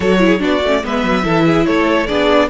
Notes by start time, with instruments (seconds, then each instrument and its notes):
0.00 cello F#3, viola F#4, violin A4 C#5
0.19 viola E4
0.25 violin G#4
0.39 cello B3, viola D4, violin F#4 D5
0.63 cello A3, viola C#4
0.82 cello G#3, viola B3, violin B4 E5
1.03 cello F#3
1.23 cello E3, viola E4, violin A4
1.45 violin G#4
1.66 cello A3, violin A4 C#5
2.06 cello B3, viola D4, violin G#4 D5